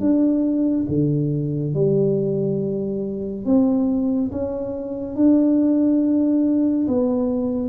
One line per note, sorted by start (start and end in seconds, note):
0.00 0.86 D4
0.88 1.74 D3
1.74 3.46 G3
3.46 4.31 C4
4.32 5.16 C#4
5.16 6.87 D4
6.88 7.69 B3